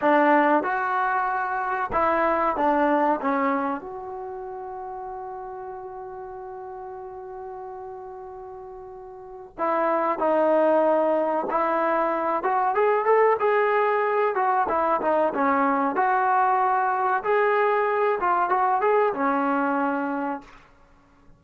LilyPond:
\new Staff \with { instrumentName = "trombone" } { \time 4/4 \tempo 4 = 94 d'4 fis'2 e'4 | d'4 cis'4 fis'2~ | fis'1~ | fis'2. e'4 |
dis'2 e'4. fis'8 | gis'8 a'8 gis'4. fis'8 e'8 dis'8 | cis'4 fis'2 gis'4~ | gis'8 f'8 fis'8 gis'8 cis'2 | }